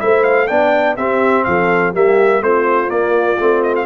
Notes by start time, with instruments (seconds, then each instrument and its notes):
0.00 tuba A3, trombone E4, horn C5, trumpet E5
0.24 trumpet F5
0.48 tuba B3, trombone D4, horn D5, trumpet G5
0.97 tuba C4, trombone C4, horn G4, trumpet E5
1.44 tuba F3, horn A4, trumpet F5
1.94 tuba G3, trombone A#3, horn G4, trumpet E5
2.41 tuba A3, trombone C4, horn F4, trumpet C5
2.88 trombone A#3, tuba A#3, trumpet D5
3.39 tuba A3, trombone C4
3.63 trumpet D#5
3.76 trumpet F5